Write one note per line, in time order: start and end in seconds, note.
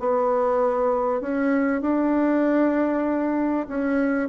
0.00 1.21 B3
1.21 1.82 C#4
1.82 3.67 D4
3.68 4.29 C#4